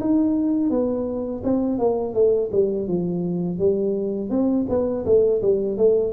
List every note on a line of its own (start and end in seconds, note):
0.00 0.70 D#4
0.70 1.42 B3
1.44 1.78 C4
1.78 2.14 A#3
2.14 2.50 A3
2.51 2.87 G3
2.87 3.58 F3
3.58 4.30 G3
4.30 4.66 C4
4.69 5.05 B3
5.05 5.41 A3
5.42 5.77 G3
5.77 6.12 A3